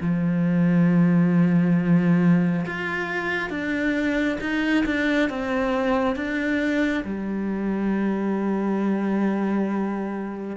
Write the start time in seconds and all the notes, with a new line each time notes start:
0.00 F3
2.65 F4
3.49 D4
4.40 D#4
4.85 D4
5.29 C4
6.15 D4
7.03 G3